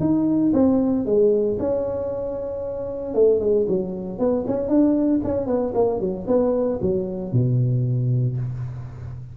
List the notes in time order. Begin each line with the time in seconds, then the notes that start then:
0.00 D#4
0.53 C4
1.06 G#3
1.59 C#4
3.14 A3
3.40 G#3
3.68 F#3
4.19 B3
4.47 C#4
4.69 D4
5.24 C#4
5.47 B3
5.74 A#3
6.00 F#3
6.27 B3
6.82 F#3
7.33 B2